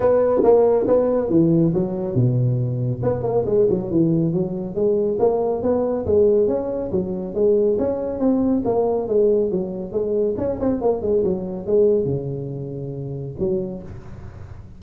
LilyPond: \new Staff \with { instrumentName = "tuba" } { \time 4/4 \tempo 4 = 139 b4 ais4 b4 e4 | fis4 b,2 b8 ais8 | gis8 fis8 e4 fis4 gis4 | ais4 b4 gis4 cis'4 |
fis4 gis4 cis'4 c'4 | ais4 gis4 fis4 gis4 | cis'8 c'8 ais8 gis8 fis4 gis4 | cis2. fis4 | }